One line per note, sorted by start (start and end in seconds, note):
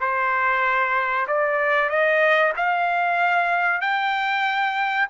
0.00 1.26 C5
1.27 1.89 D5
1.89 2.52 D#5
2.56 3.80 F5
3.80 5.07 G5